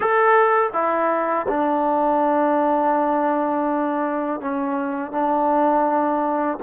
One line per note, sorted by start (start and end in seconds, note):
0.00 0.70 A4
0.73 1.46 E4
1.48 4.40 D4
4.40 5.11 C#4
5.11 6.58 D4